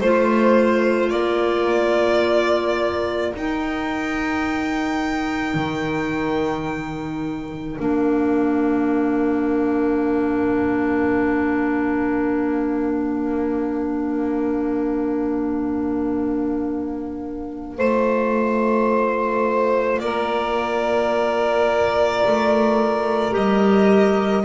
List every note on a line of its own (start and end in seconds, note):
0.00 1.11 A3
0.00 3.34 F4
0.00 1.10 C5
0.00 1.12 C5
1.10 3.33 A#3
1.10 17.78 A#4
1.10 3.32 D5
3.34 7.78 D#4
3.34 5.54 D#4
3.34 7.79 G5
5.54 7.76 D#3
7.79 17.78 A#3
7.79 17.78 D4
7.79 20.00 F5
17.78 19.99 A3
17.78 23.31 F4
17.78 20.00 C5
19.99 22.22 A#3
19.99 24.45 A#4
19.99 23.33 D5
22.27 23.35 A3
23.31 24.45 G3
23.31 24.42 G4
23.31 24.45 D#5